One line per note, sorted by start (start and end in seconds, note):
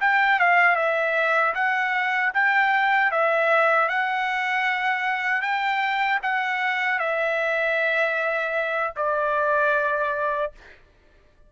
0.00 0.39 G5
0.39 0.75 F5
0.75 1.53 E5
1.54 2.32 F#5
2.33 3.11 G5
3.11 3.88 E5
3.88 5.41 F#5
5.41 6.19 G5
6.22 6.98 F#5
6.98 8.93 E5
8.96 10.52 D5